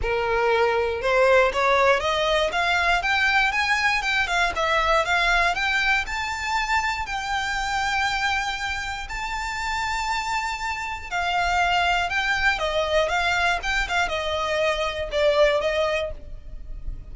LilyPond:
\new Staff \with { instrumentName = "violin" } { \time 4/4 \tempo 4 = 119 ais'2 c''4 cis''4 | dis''4 f''4 g''4 gis''4 | g''8 f''8 e''4 f''4 g''4 | a''2 g''2~ |
g''2 a''2~ | a''2 f''2 | g''4 dis''4 f''4 g''8 f''8 | dis''2 d''4 dis''4 | }